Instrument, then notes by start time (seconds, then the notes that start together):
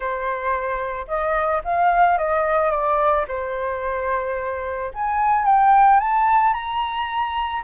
flute
0.00 C5
1.07 D#5
1.64 F5
2.18 D#5
2.70 D5
3.28 C5
4.93 G#5
5.45 G5
6.00 A5
6.53 A#5